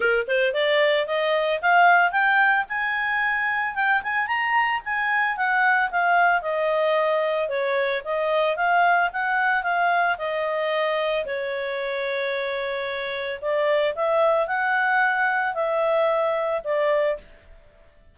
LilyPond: \new Staff \with { instrumentName = "clarinet" } { \time 4/4 \tempo 4 = 112 ais'8 c''8 d''4 dis''4 f''4 | g''4 gis''2 g''8 gis''8 | ais''4 gis''4 fis''4 f''4 | dis''2 cis''4 dis''4 |
f''4 fis''4 f''4 dis''4~ | dis''4 cis''2.~ | cis''4 d''4 e''4 fis''4~ | fis''4 e''2 d''4 | }